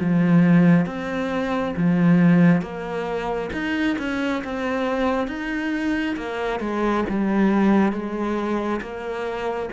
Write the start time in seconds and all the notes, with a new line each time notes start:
0.00 F3
0.86 C4
1.76 F3
2.62 A#3
3.53 D#4
3.99 C#4
4.44 C4
5.28 D#4
6.17 A#3
6.60 G#3
7.09 G3
7.93 G#3
8.81 A#3